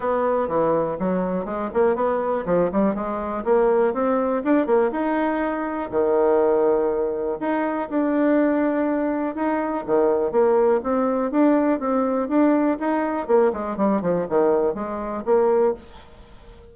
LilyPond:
\new Staff \with { instrumentName = "bassoon" } { \time 4/4 \tempo 4 = 122 b4 e4 fis4 gis8 ais8 | b4 f8 g8 gis4 ais4 | c'4 d'8 ais8 dis'2 | dis2. dis'4 |
d'2. dis'4 | dis4 ais4 c'4 d'4 | c'4 d'4 dis'4 ais8 gis8 | g8 f8 dis4 gis4 ais4 | }